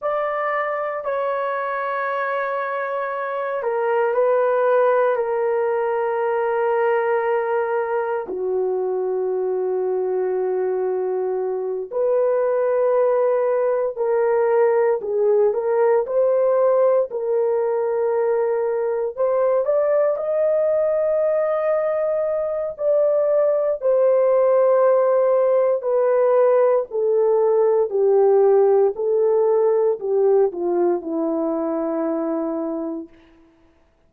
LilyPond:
\new Staff \with { instrumentName = "horn" } { \time 4/4 \tempo 4 = 58 d''4 cis''2~ cis''8 ais'8 | b'4 ais'2. | fis'2.~ fis'8 b'8~ | b'4. ais'4 gis'8 ais'8 c''8~ |
c''8 ais'2 c''8 d''8 dis''8~ | dis''2 d''4 c''4~ | c''4 b'4 a'4 g'4 | a'4 g'8 f'8 e'2 | }